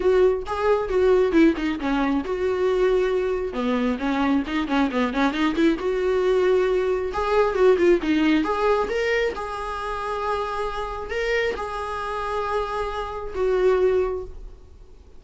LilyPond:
\new Staff \with { instrumentName = "viola" } { \time 4/4 \tempo 4 = 135 fis'4 gis'4 fis'4 e'8 dis'8 | cis'4 fis'2. | b4 cis'4 dis'8 cis'8 b8 cis'8 | dis'8 e'8 fis'2. |
gis'4 fis'8 f'8 dis'4 gis'4 | ais'4 gis'2.~ | gis'4 ais'4 gis'2~ | gis'2 fis'2 | }